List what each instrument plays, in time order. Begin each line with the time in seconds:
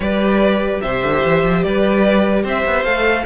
0.00 cello G3, viola G4, violin B4 D5
0.81 cello C3, violin C5 E5
1.02 cello D3
1.24 cello E3
1.43 cello F3
1.62 cello G3, violin B4 D5
2.43 cello C4, violin C5 E5
2.65 cello B3
2.84 cello A3, viola A4, violin F5